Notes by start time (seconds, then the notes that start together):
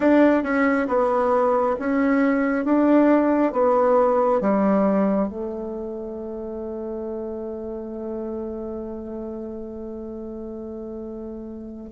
0.00 D4
0.43 C#4
0.87 B3
1.79 C#4
2.65 D4
3.52 B3
4.40 G3
5.28 A3